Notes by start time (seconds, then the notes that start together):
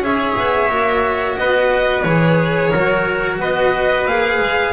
0.00 C#4 G#4 C#5 E5
0.39 B3
0.69 A#3 F#4
1.37 B3 B4 D#5
2.03 E3 G#4 C#5
2.71 F#3 F#4 A#4
3.39 B3 B4 D#5
4.06 A#3 G#4 F5
4.39 G#3